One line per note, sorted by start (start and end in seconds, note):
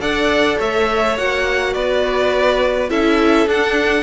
0.00 0.58 D4
0.00 1.16 A4
0.00 0.57 D5
0.00 0.58 F#5
0.57 1.17 A3
0.57 1.72 C#5
0.57 1.17 E5
1.17 1.75 A#3
1.17 2.89 F#4
1.17 1.73 F#5
1.73 2.90 B3
1.73 2.90 B4
1.73 2.89 D5
2.89 3.46 C#4
2.89 3.47 E4
2.89 4.03 A4
2.89 3.48 E5
3.46 4.03 D4
3.46 4.03 F#5